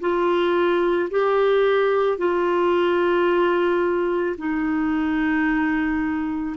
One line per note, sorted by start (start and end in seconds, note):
0.00 1.09 F4
1.10 2.18 G4
2.18 4.36 F4
4.37 6.56 D#4